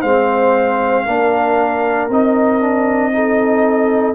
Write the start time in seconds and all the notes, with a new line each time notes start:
0.00 G#3 C4 C5 F5
1.05 A#3 D4 A#4
2.09 C4 D#4 D#5
2.60 D4
3.11 D#4 A4